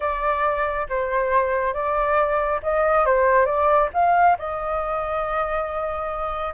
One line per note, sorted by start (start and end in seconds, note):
0.00 0.87 D5
0.89 1.73 C5
1.73 2.60 D5
2.63 3.05 D#5
3.05 3.45 C5
3.45 3.89 D5
3.93 4.37 F5
4.38 6.54 D#5